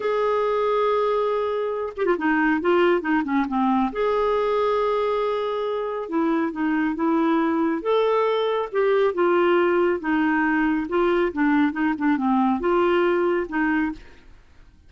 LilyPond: \new Staff \with { instrumentName = "clarinet" } { \time 4/4 \tempo 4 = 138 gis'1~ | gis'8 g'16 f'16 dis'4 f'4 dis'8 cis'8 | c'4 gis'2.~ | gis'2 e'4 dis'4 |
e'2 a'2 | g'4 f'2 dis'4~ | dis'4 f'4 d'4 dis'8 d'8 | c'4 f'2 dis'4 | }